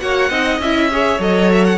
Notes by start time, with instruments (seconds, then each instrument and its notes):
0.00 cello A#3, viola F#4, violin C#5 F#5
0.30 cello C4, viola D#4, violin D#5
0.59 cello C#4, viola E4, violin E5
0.91 viola G#4, violin C#5
1.19 cello F#3, viola A4, violin D#5
1.52 violin E5
1.64 violin F#5